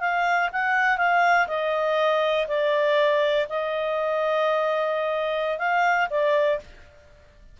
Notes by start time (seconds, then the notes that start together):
0.00 F5
0.52 F#5
0.98 F5
1.48 D#5
2.48 D5
3.49 D#5
5.59 F5
6.10 D5